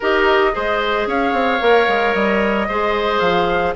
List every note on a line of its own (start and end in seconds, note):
0.00 0.55 D#4
0.00 0.52 G4
0.00 0.51 A#4
0.00 1.09 D#5
0.52 1.06 G#3
0.52 1.59 G#4
0.52 1.08 C5
1.06 1.32 C#4
1.06 2.68 C#5
1.06 2.14 F5
1.32 1.59 C4
1.60 1.87 A#3
1.60 2.67 A#4
1.88 2.14 G#3
2.14 2.68 G3
2.14 3.19 D#5
2.68 3.20 G#3
2.68 3.75 G#4
2.68 3.75 C5
3.19 3.74 F3
3.19 3.73 F5